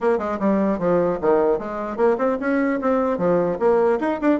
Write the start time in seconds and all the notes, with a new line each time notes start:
0.00 A#3
0.18 G#3
0.39 G3
0.78 F3
1.21 D#3
1.59 G#3
1.96 A#3
2.17 C4
2.40 C#4
2.81 C4
3.17 F3
3.59 A#3
4.00 D#4
4.21 D4